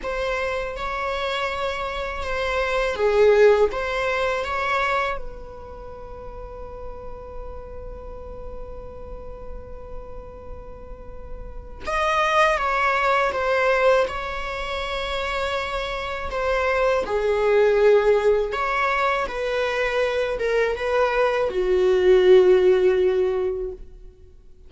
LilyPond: \new Staff \with { instrumentName = "viola" } { \time 4/4 \tempo 4 = 81 c''4 cis''2 c''4 | gis'4 c''4 cis''4 b'4~ | b'1~ | b'1 |
dis''4 cis''4 c''4 cis''4~ | cis''2 c''4 gis'4~ | gis'4 cis''4 b'4. ais'8 | b'4 fis'2. | }